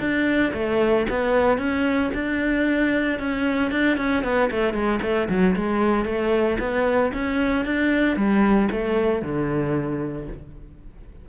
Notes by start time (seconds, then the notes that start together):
0.00 D4
0.54 A3
1.10 B3
1.58 C#4
2.14 D4
3.20 C#4
3.72 D4
3.97 C#4
4.24 B3
4.51 A3
4.73 G#3
5.02 A3
5.29 F#3
5.56 G#3
6.06 A3
6.59 B3
7.13 C#4
7.65 D4
8.17 G3
8.71 A3
9.22 D3